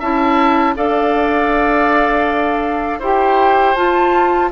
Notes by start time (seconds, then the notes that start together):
0.00 C#4 E4 E5 A5
0.76 D4 A4 D5 F5
3.00 E4 G4 C5 G5
3.75 F4 A5